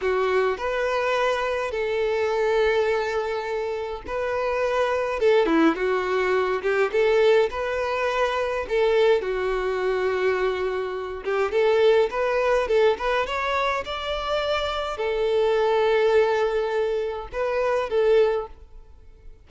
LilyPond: \new Staff \with { instrumentName = "violin" } { \time 4/4 \tempo 4 = 104 fis'4 b'2 a'4~ | a'2. b'4~ | b'4 a'8 e'8 fis'4. g'8 | a'4 b'2 a'4 |
fis'2.~ fis'8 g'8 | a'4 b'4 a'8 b'8 cis''4 | d''2 a'2~ | a'2 b'4 a'4 | }